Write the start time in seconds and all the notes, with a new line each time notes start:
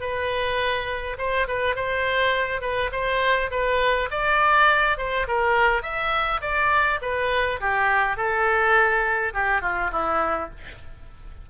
0.00 B4
1.18 C5
1.47 B4
1.75 C5
2.61 B4
2.92 C5
3.51 B4
4.11 D5
4.97 C5
5.27 A#4
5.82 E5
6.41 D5
7.01 B4
7.60 G4
8.17 A4
9.33 G4
9.61 F4
9.91 E4